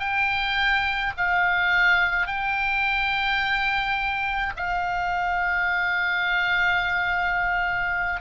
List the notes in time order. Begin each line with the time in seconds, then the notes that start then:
0.00 G5
1.18 F5
2.27 G5
4.57 F5